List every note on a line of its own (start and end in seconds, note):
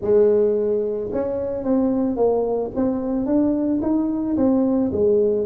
0.01 1.10 G#3
1.12 1.64 C#4
1.64 2.16 C4
2.16 2.70 A#3
2.75 3.26 C4
3.26 3.80 D4
3.82 4.36 D#4
4.37 4.91 C4
4.91 5.46 G#3